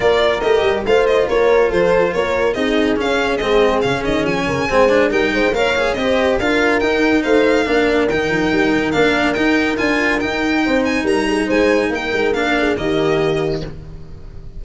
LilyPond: <<
  \new Staff \with { instrumentName = "violin" } { \time 4/4 \tempo 4 = 141 d''4 dis''4 f''8 dis''8 cis''4 | c''4 cis''4 dis''4 f''4 | dis''4 f''8 dis''8 gis''2 | g''4 f''4 dis''4 f''4 |
g''4 f''2 g''4~ | g''4 f''4 g''4 gis''4 | g''4. gis''8 ais''4 gis''4 | g''4 f''4 dis''2 | }
  \new Staff \with { instrumentName = "horn" } { \time 4/4 ais'2 c''4 ais'4 | a'4 ais'4 gis'2~ | gis'2~ gis'8 ais'8 c''4 | ais'8 c''8 cis''4 c''4 ais'4~ |
ais'4 c''4 ais'2~ | ais'1~ | ais'4 c''4 ais'8 gis'8 c''4 | ais'4. gis'8 g'2 | }
  \new Staff \with { instrumentName = "cello" } { \time 4/4 f'4 g'4 f'2~ | f'2 dis'4 cis'4 | c'4 cis'2 c'8 d'8 | dis'4 ais'8 gis'8 g'4 f'4 |
dis'2 d'4 dis'4~ | dis'4 d'4 dis'4 f'4 | dis'1~ | dis'4 d'4 ais2 | }
  \new Staff \with { instrumentName = "tuba" } { \time 4/4 ais4 a8 g8 a4 ais4 | f4 ais4 c'4 cis'4 | gis4 cis8 dis8 f8 cis8 gis4 | g8 gis8 ais4 c'4 d'4 |
dis'4 a4 ais4 dis8 f8 | g8 dis8 ais4 dis'4 d'4 | dis'4 c'4 g4 gis4 | ais8 gis8 ais4 dis2 | }
>>